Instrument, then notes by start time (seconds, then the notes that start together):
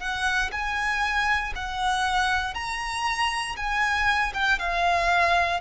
violin
0.00 F#5
0.52 G#5
1.56 F#5
2.55 A#5
3.57 G#5
4.34 G5
4.59 F5